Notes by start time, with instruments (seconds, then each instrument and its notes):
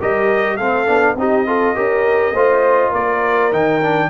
0.00 tuba G3, trombone G4, horn A#4, trumpet D#5
0.57 tuba A3, trombone C4, horn A4, trumpet F5
0.87 tuba B3, trombone D4
1.16 tuba C4, trombone D#4, horn G4, trumpet D#5
1.47 trombone F4, horn A4
1.75 tuba C#4, trombone G4, horn A#4
2.31 tuba A3, trombone F4, horn C5
2.90 tuba A#3, horn A#4, trumpet D5
3.52 tuba D#3, trombone D#4, trumpet G5
3.82 trombone D4